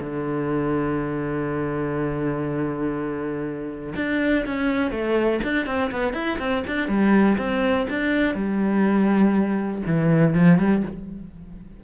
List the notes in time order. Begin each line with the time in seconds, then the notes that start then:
0.00 D3
3.95 D4
4.46 C#4
4.91 A3
5.43 D4
5.66 C4
5.91 B3
6.13 E4
6.39 C4
6.67 D4
6.88 G3
7.38 C4
7.89 D4
8.35 G3
9.86 E3
10.34 F3
10.58 G3